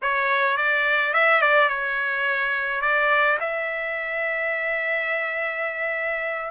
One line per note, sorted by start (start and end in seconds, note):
0.02 0.57 C#5
0.57 1.13 D5
1.13 1.42 E5
1.42 1.69 D5
1.69 2.81 C#5
2.81 3.38 D5
3.40 6.50 E5